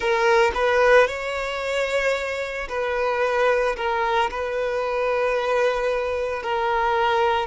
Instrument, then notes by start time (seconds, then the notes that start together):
violin
0.00 A#4
0.54 B4
1.07 C#5
2.68 B4
3.76 A#4
4.30 B4
6.42 A#4